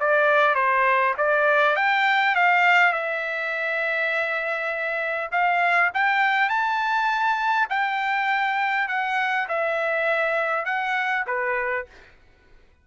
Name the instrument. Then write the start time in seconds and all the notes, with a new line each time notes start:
trumpet
0.00 D5
0.55 C5
1.18 D5
1.76 G5
2.35 F5
2.93 E5
5.31 F5
5.94 G5
6.49 A5
7.70 G5
8.88 F#5
9.48 E5
10.65 F#5
11.27 B4